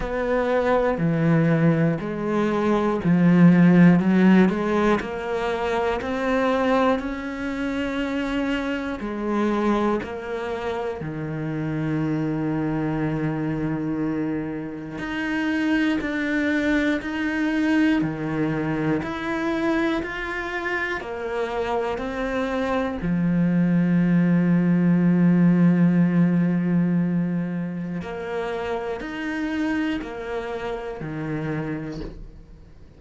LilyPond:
\new Staff \with { instrumentName = "cello" } { \time 4/4 \tempo 4 = 60 b4 e4 gis4 f4 | fis8 gis8 ais4 c'4 cis'4~ | cis'4 gis4 ais4 dis4~ | dis2. dis'4 |
d'4 dis'4 dis4 e'4 | f'4 ais4 c'4 f4~ | f1 | ais4 dis'4 ais4 dis4 | }